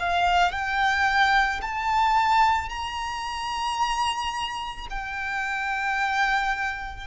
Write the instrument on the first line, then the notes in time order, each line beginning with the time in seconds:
violin
0.00 F5
0.52 G5
1.62 A5
2.70 A#5
4.90 G5